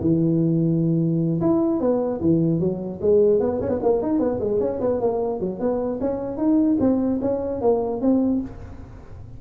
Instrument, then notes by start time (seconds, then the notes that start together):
tuba
0.00 E3
1.41 E4
1.80 B3
2.21 E3
2.59 F#3
3.01 G#3
3.40 B3
3.61 C#4
3.69 B3
3.82 A#3
4.02 D#4
4.19 B3
4.40 G#3
4.60 C#4
4.80 B3
5.00 A#3
5.40 F#3
5.59 B3
6.00 C#4
6.37 D#4
6.80 C4
7.21 C#4
7.61 A#3
8.01 C4